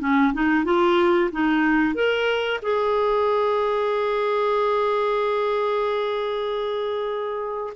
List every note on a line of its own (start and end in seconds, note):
0.00 0.33 C#4
0.33 0.65 D#4
0.65 1.31 F4
1.32 1.94 D#4
1.94 2.60 A#4
2.62 7.73 G#4